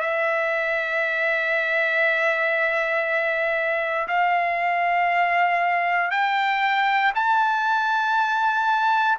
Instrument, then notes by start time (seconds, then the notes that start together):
trumpet
0.00 E5
4.07 F5
6.11 G5
7.15 A5